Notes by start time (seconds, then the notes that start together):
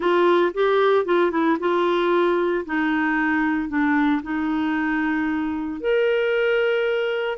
0.00 F4
0.54 G4
1.05 F4
1.31 E4
1.59 F4
2.65 D#4
3.68 D4
4.22 D#4
5.80 A#4